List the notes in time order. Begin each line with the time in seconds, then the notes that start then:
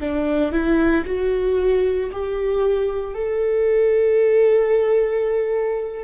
0.00 D4
0.52 E4
1.05 F#4
2.12 G4
3.14 A4